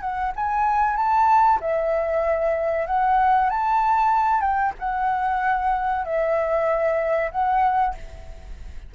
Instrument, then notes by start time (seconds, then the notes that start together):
flute
0.00 F#5
0.35 G#5
0.96 A5
1.60 E5
2.87 F#5
3.50 A5
4.41 G5
4.79 F#5
6.04 E5
7.31 F#5